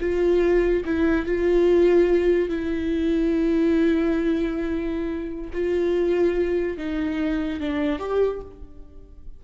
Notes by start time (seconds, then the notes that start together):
0.00 F4
0.85 E4
1.25 F4
2.49 E4
5.53 F4
6.77 D#4
7.60 D4
7.99 G4